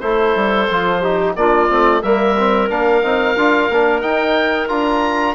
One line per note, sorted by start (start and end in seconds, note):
0.00 0.35 A3
0.00 0.68 E4
0.00 1.01 A4
0.00 1.33 C5
0.35 0.69 G3
0.70 1.36 F3
0.70 1.04 F4
1.01 1.37 D#4
1.01 1.34 G4
1.36 1.69 A#3
1.36 1.69 D4
1.36 2.01 F4
1.36 2.03 D5
1.69 2.03 A3
1.69 2.02 C4
2.01 2.70 G3
2.01 2.37 A#3
2.01 5.35 A#4
2.01 2.69 E5
2.38 2.70 C4
2.70 3.03 A#3
2.70 3.03 D4
2.70 4.02 F5
3.03 3.37 C4
3.03 3.36 D#4
3.37 3.70 D4
3.37 3.72 F4
3.70 4.03 A#3
3.70 4.02 D4
4.02 4.69 D#4
4.02 4.70 D#4
4.02 4.68 G5
4.69 5.35 D4
4.69 5.35 F4
4.69 5.35 A#5